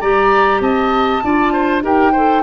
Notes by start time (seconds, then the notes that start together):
0.00 G3 G4 D5 A#5
0.60 C4 D#5 A5
1.24 D4 F4 D5
1.53 C5
1.82 D#4 G4 A#4 G5
2.12 A4 C5